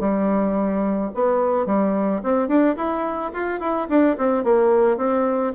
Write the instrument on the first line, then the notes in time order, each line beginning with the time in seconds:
bassoon
0.00 G3
1.14 B3
1.66 G3
2.23 C4
2.48 D4
2.76 E4
3.33 F4
3.60 E4
3.89 D4
4.18 C4
4.44 A#3
4.97 C4